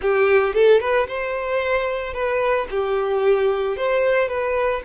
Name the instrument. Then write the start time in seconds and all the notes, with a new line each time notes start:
violin
0.01 G4
0.54 A4
0.80 B4
1.07 C5
2.13 B4
2.70 G4
3.76 C5
4.28 B4